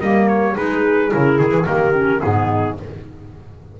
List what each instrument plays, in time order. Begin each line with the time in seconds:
0.00 double bass G3, clarinet A#3, horn A#4, trumpet D#5
0.28 trumpet C#5
0.53 double bass G#3, clarinet D#4, horn G#4, trumpet B4
1.10 double bass C#3, clarinet E4, trumpet A#4
1.38 double bass D#3, trumpet G#4
1.51 double bass E3
1.64 double bass D#3, clarinet A#3, horn G4, trumpet A#4
1.94 clarinet C#4
2.19 double bass G#2, clarinet B3, horn D#4, trumpet G#4